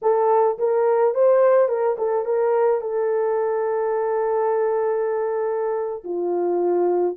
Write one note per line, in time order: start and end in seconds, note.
0.02 0.58 A4
0.58 1.14 A#4
1.14 1.68 C5
1.68 1.96 A#4
1.98 2.25 A4
2.25 2.81 A#4
2.81 6.03 A4
6.04 7.16 F4